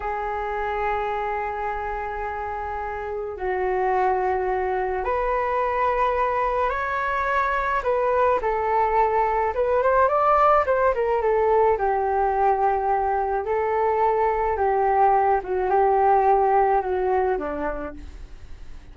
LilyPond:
\new Staff \with { instrumentName = "flute" } { \time 4/4 \tempo 4 = 107 gis'1~ | gis'2 fis'2~ | fis'4 b'2. | cis''2 b'4 a'4~ |
a'4 b'8 c''8 d''4 c''8 ais'8 | a'4 g'2. | a'2 g'4. fis'8 | g'2 fis'4 d'4 | }